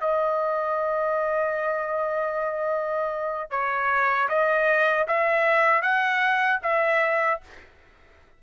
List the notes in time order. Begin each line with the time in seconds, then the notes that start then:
0.00 D#5
3.50 C#5
4.28 D#5
5.08 E5
5.82 F#5
6.62 E5